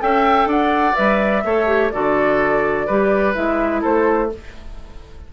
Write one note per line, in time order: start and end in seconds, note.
0.00 0.47 C#4
0.00 0.95 A4
0.00 0.49 E5
0.00 0.49 G5
0.47 0.94 D4
0.47 1.44 D5
0.47 0.96 F#5
0.96 1.45 G3
0.96 1.43 B4
0.96 1.91 E5
1.45 1.92 A3
1.45 1.67 A4
1.45 1.93 C#5
1.67 1.91 G4
1.91 2.89 D3
1.91 2.88 F#4
1.91 2.87 A4
1.91 3.34 D5
2.87 3.37 G3
2.87 3.35 G4
2.87 3.82 B4
3.35 3.85 G#3
3.35 4.30 E4
3.35 3.82 E5
3.82 4.33 A3
3.82 4.29 A4
3.82 4.32 C5